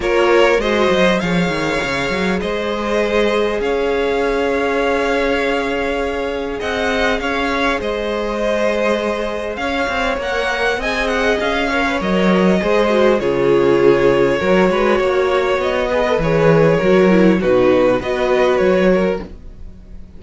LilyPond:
<<
  \new Staff \with { instrumentName = "violin" } { \time 4/4 \tempo 4 = 100 cis''4 dis''4 f''2 | dis''2 f''2~ | f''2. fis''4 | f''4 dis''2. |
f''4 fis''4 gis''8 fis''8 f''4 | dis''2 cis''2~ | cis''2 dis''4 cis''4~ | cis''4 b'4 dis''4 cis''4 | }
  \new Staff \with { instrumentName = "violin" } { \time 4/4 ais'4 c''4 cis''2 | c''2 cis''2~ | cis''2. dis''4 | cis''4 c''2. |
cis''2 dis''4. cis''8~ | cis''4 c''4 gis'2 | ais'8 b'8 cis''4. b'4. | ais'4 fis'4 b'4. ais'8 | }
  \new Staff \with { instrumentName = "viola" } { \time 4/4 f'4 fis'4 gis'2~ | gis'1~ | gis'1~ | gis'1~ |
gis'4 ais'4 gis'4. ais'16 b'16 | ais'4 gis'8 fis'8 f'2 | fis'2~ fis'8 gis'16 a'16 gis'4 | fis'8 e'8 dis'4 fis'2 | }
  \new Staff \with { instrumentName = "cello" } { \time 4/4 ais4 gis8 fis8 f8 dis8 cis8 fis8 | gis2 cis'2~ | cis'2. c'4 | cis'4 gis2. |
cis'8 c'8 ais4 c'4 cis'4 | fis4 gis4 cis2 | fis8 gis8 ais4 b4 e4 | fis4 b,4 b4 fis4 | }
>>